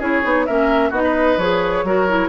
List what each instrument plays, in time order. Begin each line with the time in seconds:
0.00 bassoon C#4, clarinet E4, oboe G#4, flute C#5
0.23 bassoon B3, clarinet D#4
0.46 bassoon A#3, clarinet C#4, oboe A#4, flute E5
0.90 bassoon B3, clarinet D#4, oboe F#4, flute D#5
1.05 oboe B4
1.38 bassoon F3, clarinet G#4, flute C#5
1.84 bassoon F#3, clarinet F#4, oboe A#4
2.09 clarinet E4